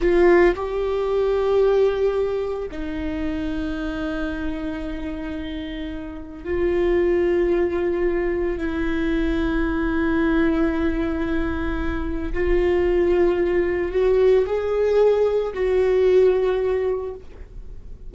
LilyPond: \new Staff \with { instrumentName = "viola" } { \time 4/4 \tempo 4 = 112 f'4 g'2.~ | g'4 dis'2.~ | dis'1 | f'1 |
e'1~ | e'2. f'4~ | f'2 fis'4 gis'4~ | gis'4 fis'2. | }